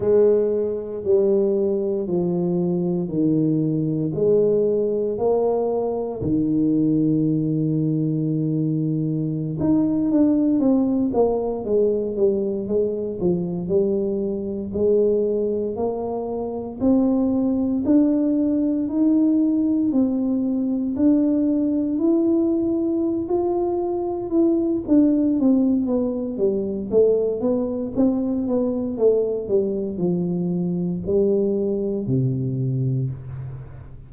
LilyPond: \new Staff \with { instrumentName = "tuba" } { \time 4/4 \tempo 4 = 58 gis4 g4 f4 dis4 | gis4 ais4 dis2~ | dis4~ dis16 dis'8 d'8 c'8 ais8 gis8 g16~ | g16 gis8 f8 g4 gis4 ais8.~ |
ais16 c'4 d'4 dis'4 c'8.~ | c'16 d'4 e'4~ e'16 f'4 e'8 | d'8 c'8 b8 g8 a8 b8 c'8 b8 | a8 g8 f4 g4 c4 | }